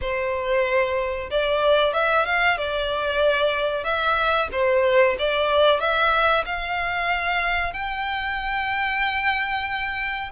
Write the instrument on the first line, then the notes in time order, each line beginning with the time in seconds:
violin
0.01 C5
1.30 D5
1.93 E5
2.25 F5
2.57 D5
3.84 E5
4.52 C5
5.18 D5
5.79 E5
6.45 F5
7.73 G5